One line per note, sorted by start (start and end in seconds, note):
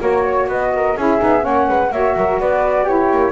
0.00 0.47 A#3
0.00 0.95 F#4
0.00 0.23 A#4
0.00 0.49 C#5
0.23 0.47 C#5
0.47 0.95 B3
0.47 0.72 B4
0.47 0.98 D#5
0.75 0.97 A#4
0.96 1.20 C#4
0.96 1.19 E4
0.96 1.43 G#4
0.96 1.44 E5
1.19 1.46 B3
1.19 1.40 D#4
1.40 1.68 A#3
1.40 1.87 C#4
1.40 1.67 C#5
1.40 1.92 F#5
1.68 1.91 G#3
1.68 1.91 B4
1.91 2.15 A#3
1.91 2.86 F#4
1.91 2.16 C#5
1.91 2.40 E5
2.16 2.40 F#3
2.16 2.40 A#4
2.40 3.11 B3
2.40 2.84 B4
2.40 2.87 D5
2.84 3.32 E4
2.84 3.31 G4
2.84 3.32 C#5
3.11 3.32 A#3